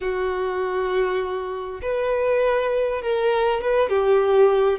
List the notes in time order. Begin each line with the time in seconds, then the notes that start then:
0.01 F#4
1.82 B4
3.02 A#4
3.61 B4
3.89 G4